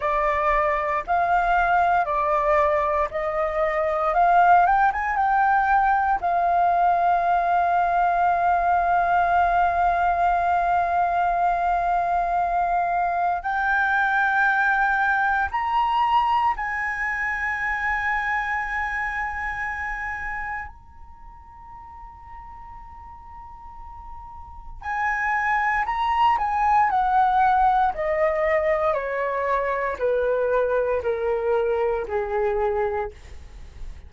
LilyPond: \new Staff \with { instrumentName = "flute" } { \time 4/4 \tempo 4 = 58 d''4 f''4 d''4 dis''4 | f''8 g''16 gis''16 g''4 f''2~ | f''1~ | f''4 g''2 ais''4 |
gis''1 | ais''1 | gis''4 ais''8 gis''8 fis''4 dis''4 | cis''4 b'4 ais'4 gis'4 | }